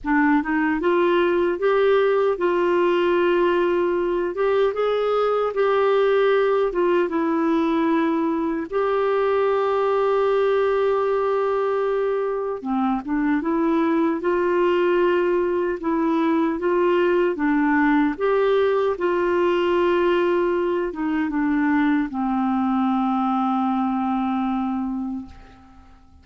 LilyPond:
\new Staff \with { instrumentName = "clarinet" } { \time 4/4 \tempo 4 = 76 d'8 dis'8 f'4 g'4 f'4~ | f'4. g'8 gis'4 g'4~ | g'8 f'8 e'2 g'4~ | g'1 |
c'8 d'8 e'4 f'2 | e'4 f'4 d'4 g'4 | f'2~ f'8 dis'8 d'4 | c'1 | }